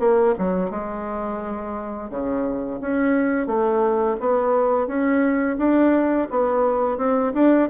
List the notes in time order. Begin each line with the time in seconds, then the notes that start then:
0.00 A#3
0.39 F#3
0.71 G#3
2.11 C#3
2.81 C#4
3.47 A3
4.21 B3
4.88 C#4
5.58 D4
6.31 B3
6.98 C4
7.34 D4